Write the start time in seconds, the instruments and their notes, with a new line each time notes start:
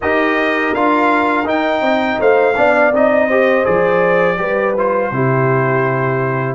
0.01 tuba D#4, trombone G4, horn A#4, trumpet D#5
0.73 tuba D4, trombone F4, trumpet F5
1.44 trombone D#4, tuba D#4, trumpet G5
1.81 tuba C4, horn D#5
2.19 tuba A3, horn C5, trumpet F5
2.56 tuba B3, trombone D4, horn D5
2.92 tuba C4, trombone D#4, trumpet D#5
3.27 trombone G4, horn C5
3.64 tuba F3, trombone G#4, trumpet D5
4.37 tuba G3, trombone G4, horn B4
4.76 trombone F4, trumpet C5
5.11 tuba C3, trombone E4, horn G4